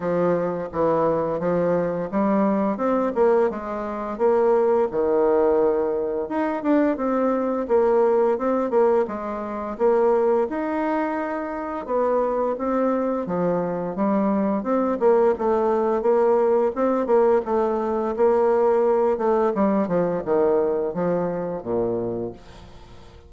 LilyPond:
\new Staff \with { instrumentName = "bassoon" } { \time 4/4 \tempo 4 = 86 f4 e4 f4 g4 | c'8 ais8 gis4 ais4 dis4~ | dis4 dis'8 d'8 c'4 ais4 | c'8 ais8 gis4 ais4 dis'4~ |
dis'4 b4 c'4 f4 | g4 c'8 ais8 a4 ais4 | c'8 ais8 a4 ais4. a8 | g8 f8 dis4 f4 ais,4 | }